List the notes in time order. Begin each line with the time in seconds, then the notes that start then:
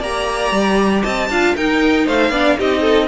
0.00 A#3 G4 D5 A#5
0.51 G3
1.02 C4 D#5 A5
1.29 D4 F4 F5
1.56 D#4 A#4 G5
2.05 A3 C5 F5
2.29 B3 D4 D5
2.57 C4 D#4 G4 D#5
2.81 A4